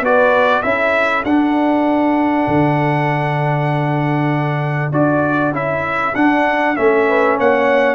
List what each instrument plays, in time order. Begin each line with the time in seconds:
0.00 tuba B3, trombone F#4, horn B4, trumpet D5
0.62 tuba C#4, trombone E4, horn A4, trumpet E5
1.24 tuba D4, trombone D4, trumpet F#5
2.47 tuba D3
4.91 tuba D4, trombone F#4, trumpet D5
5.51 tuba C#4, trombone E4, trumpet E5
6.15 tuba D4, trombone D4, trumpet F#5
6.75 tuba A3, trombone C#4, trumpet E5
7.08 horn B4
7.37 tuba A#3, horn C#5, trumpet F#5